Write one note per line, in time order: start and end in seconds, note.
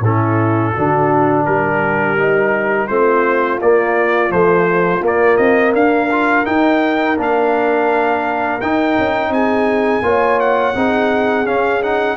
0.00 0.71 A2
0.00 0.76 C#4
0.00 0.73 E4
0.00 1.45 A4
0.73 1.47 D3
0.73 2.18 D4
0.73 1.44 F#4
1.45 2.90 G3
1.45 2.89 G4
1.45 2.88 A#4
2.18 2.90 D#4
2.88 3.61 A3
2.88 3.61 C4
2.88 5.73 F4
2.88 3.59 C5
3.61 4.33 A#3
3.61 4.30 A#3
3.61 4.32 D5
4.30 5.01 F3
4.30 5.02 A3
4.30 5.03 C5
5.02 5.38 A#3
5.02 6.09 A#3
5.02 5.37 D5
5.37 5.74 C4
5.37 5.73 D#5
5.73 6.46 D4
5.73 9.30 A#4
5.73 6.46 F5
6.12 6.46 F4
6.46 7.17 D#4
6.46 7.18 D#4
6.46 7.17 G5
7.18 8.61 A#3
7.18 8.61 D4
7.18 8.61 F5
8.61 8.98 D#4
8.61 10.03 D#4
8.61 9.33 G5
8.99 9.30 C#4
9.30 10.01 C4
9.30 10.05 G#4
9.30 10.40 G#5
10.02 10.74 A#3
10.02 10.75 F4
10.02 10.76 C#5
10.40 11.47 F#5
10.75 11.47 C4
10.75 11.46 D#4
10.75 12.17 G#4
11.46 11.82 C#4
11.46 12.17 C#4
11.46 11.83 F5
11.82 12.17 D#4
11.82 12.17 F#5